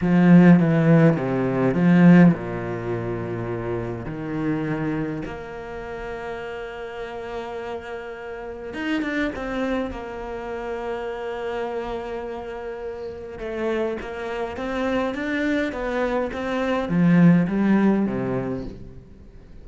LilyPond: \new Staff \with { instrumentName = "cello" } { \time 4/4 \tempo 4 = 103 f4 e4 c4 f4 | ais,2. dis4~ | dis4 ais2.~ | ais2. dis'8 d'8 |
c'4 ais2.~ | ais2. a4 | ais4 c'4 d'4 b4 | c'4 f4 g4 c4 | }